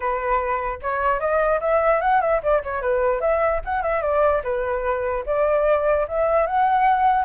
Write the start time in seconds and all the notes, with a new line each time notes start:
0.00 B4
0.82 C#5
1.20 D#5
1.60 E5
2.01 F#5
2.21 E5
2.43 D5
2.63 C#5
2.81 B4
3.20 E5
3.64 F#5
3.82 E5
4.02 D5
4.43 B4
5.26 D5
6.08 E5
6.46 F#5